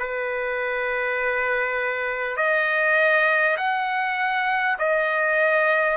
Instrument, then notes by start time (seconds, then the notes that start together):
trumpet
0.00 B4
2.37 D#5
3.58 F#5
4.79 D#5